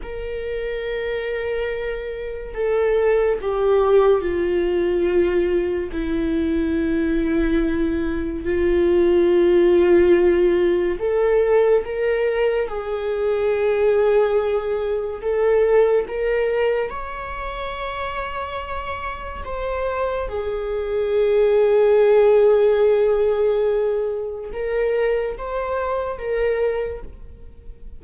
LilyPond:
\new Staff \with { instrumentName = "viola" } { \time 4/4 \tempo 4 = 71 ais'2. a'4 | g'4 f'2 e'4~ | e'2 f'2~ | f'4 a'4 ais'4 gis'4~ |
gis'2 a'4 ais'4 | cis''2. c''4 | gis'1~ | gis'4 ais'4 c''4 ais'4 | }